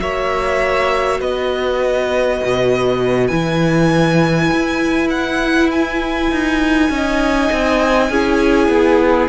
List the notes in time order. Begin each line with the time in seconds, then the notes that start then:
0.00 A#3 F#4 C#5 E5
1.20 B3 B4 D#5
2.44 B2
3.28 E3 E4 G#5
4.52 E4
5.10 F#5
5.71 G#5
6.32 D#4
6.90 C#4 D#4 D#5
7.52 C4
8.10 C#4 E4 G#4
8.68 B3